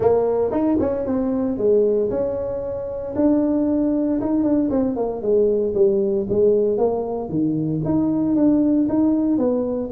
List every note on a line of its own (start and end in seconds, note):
0.00 0.51 A#3
0.51 0.77 D#4
0.79 1.06 C#4
1.06 1.57 C4
1.57 2.09 G#3
2.10 3.14 C#4
3.15 4.20 D4
4.20 4.43 D#4
4.43 4.69 D4
4.70 4.96 C4
4.96 5.22 A#3
5.22 5.74 G#3
5.74 6.26 G3
6.29 6.77 G#3
6.77 7.29 A#3
7.29 7.81 D#3
7.85 8.35 D#4
8.35 8.87 D4
8.88 9.38 D#4
9.38 9.90 B3